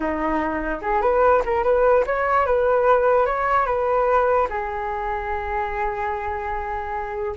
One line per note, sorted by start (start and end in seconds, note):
0.00 0.80 D#4
0.81 1.01 G#4
1.01 1.42 B4
1.45 1.63 A#4
1.63 2.04 B4
2.06 2.46 C#5
2.46 3.26 B4
3.26 3.65 C#5
3.65 4.47 B4
4.49 7.35 G#4